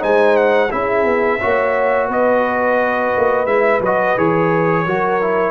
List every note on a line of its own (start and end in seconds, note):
0.00 0.72 G#3
0.00 0.69 D#4
0.00 0.71 C5
0.00 0.37 G#5
0.37 0.72 F#5
0.71 1.05 C#4
0.71 1.40 E4
0.71 1.41 G#4
0.71 2.10 E5
1.05 1.40 B3
1.41 2.09 A#3
1.41 3.48 F#4
1.41 2.09 C#5
2.09 3.13 B3
2.09 4.85 B4
2.09 3.47 D#5
3.17 3.46 A#3
3.46 3.80 G#3
3.46 3.82 E4
3.46 3.81 E5
3.81 4.15 F#3
3.81 4.18 F#4
3.81 4.19 D#5
4.18 4.87 E3
4.18 4.86 G#4
4.18 5.52 C#5
4.86 5.52 F#3
4.86 5.22 F#4
4.86 5.52 A#4
5.22 5.52 E4